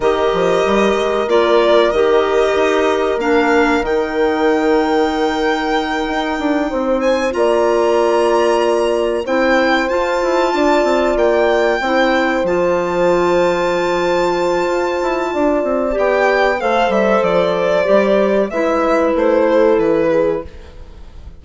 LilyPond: <<
  \new Staff \with { instrumentName = "violin" } { \time 4/4 \tempo 4 = 94 dis''2 d''4 dis''4~ | dis''4 f''4 g''2~ | g''2. gis''8 ais''8~ | ais''2~ ais''8 g''4 a''8~ |
a''4. g''2 a''8~ | a''1~ | a''4 g''4 f''8 e''8 d''4~ | d''4 e''4 c''4 b'4 | }
  \new Staff \with { instrumentName = "horn" } { \time 4/4 ais'1~ | ais'1~ | ais'2~ ais'8 c''4 d''8~ | d''2~ d''8 c''4.~ |
c''8 d''2 c''4.~ | c''1 | d''2 c''2~ | c''4 b'4. a'4 gis'8 | }
  \new Staff \with { instrumentName = "clarinet" } { \time 4/4 g'2 f'4 g'4~ | g'4 d'4 dis'2~ | dis'2.~ dis'8 f'8~ | f'2~ f'8 e'4 f'8~ |
f'2~ f'8 e'4 f'8~ | f'1~ | f'4 g'4 a'2 | g'4 e'2. | }
  \new Staff \with { instrumentName = "bassoon" } { \time 4/4 dis8 f8 g8 gis8 ais4 dis4 | dis'4 ais4 dis2~ | dis4. dis'8 d'8 c'4 ais8~ | ais2~ ais8 c'4 f'8 |
e'8 d'8 c'8 ais4 c'4 f8~ | f2. f'8 e'8 | d'8 c'8 b4 a8 g8 f4 | g4 gis4 a4 e4 | }
>>